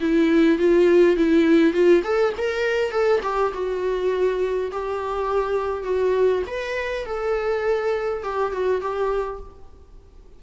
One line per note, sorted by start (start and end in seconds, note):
0.00 0.58 E4
0.58 1.16 F4
1.16 1.73 E4
1.73 2.02 F4
2.03 2.33 A4
2.37 2.91 A#4
2.91 3.20 A4
3.23 3.52 G4
3.53 4.71 F#4
4.71 5.83 G4
5.83 6.42 F#4
6.46 7.05 B4
7.05 8.23 A4
8.23 8.52 G4
8.52 8.81 F#4
8.81 9.40 G4